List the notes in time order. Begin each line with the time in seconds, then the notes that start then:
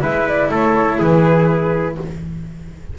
0.00 G#3 E4 B4 E5
0.27 D5
0.50 A3 A4 C#5
0.97 E3 G#4 B4